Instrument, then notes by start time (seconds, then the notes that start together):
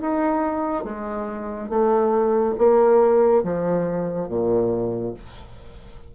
bassoon
0.00 D#4
0.84 G#3
1.69 A3
2.58 A#3
3.43 F3
4.28 A#2